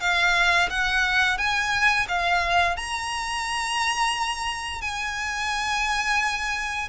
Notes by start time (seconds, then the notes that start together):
0.00 F5
0.70 F#5
1.37 G#5
2.08 F5
2.76 A#5
4.81 G#5